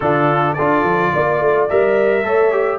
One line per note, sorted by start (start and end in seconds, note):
0.00 0.57 D3
0.00 0.57 D4
0.00 0.55 F4
0.00 0.53 A4
0.53 0.83 D4
0.53 1.69 F4
0.53 1.11 A4
0.53 1.65 D5
0.83 1.11 F3
1.13 1.40 A#3
1.13 2.25 D5
1.40 1.68 A3
1.69 2.24 G3
1.69 2.24 A#4
1.69 2.78 E5
2.24 2.78 A3
2.24 2.51 A4
2.24 2.78 C#5
2.51 2.78 G4